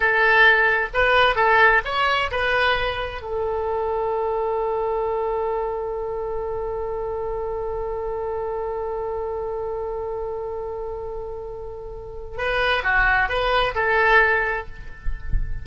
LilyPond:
\new Staff \with { instrumentName = "oboe" } { \time 4/4 \tempo 4 = 131 a'2 b'4 a'4 | cis''4 b'2 a'4~ | a'1~ | a'1~ |
a'1~ | a'1~ | a'2. b'4 | fis'4 b'4 a'2 | }